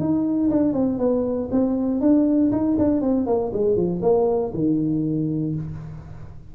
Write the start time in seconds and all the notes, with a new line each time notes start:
0.00 D#4
0.51 D4
0.74 C4
0.99 B3
1.51 C4
2.01 D4
2.52 D#4
2.79 D4
3.02 C4
3.27 A#3
3.53 G#3
3.77 F3
4.02 A#3
4.54 D#3